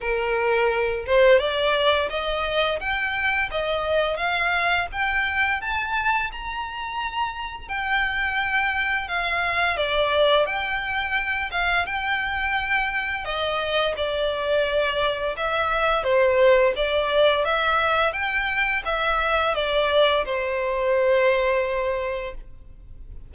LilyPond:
\new Staff \with { instrumentName = "violin" } { \time 4/4 \tempo 4 = 86 ais'4. c''8 d''4 dis''4 | g''4 dis''4 f''4 g''4 | a''4 ais''2 g''4~ | g''4 f''4 d''4 g''4~ |
g''8 f''8 g''2 dis''4 | d''2 e''4 c''4 | d''4 e''4 g''4 e''4 | d''4 c''2. | }